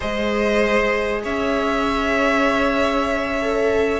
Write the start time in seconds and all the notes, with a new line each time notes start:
0.00 G#3 G#4 C5 D#5
1.23 C#4 C#5 E5
3.41 A4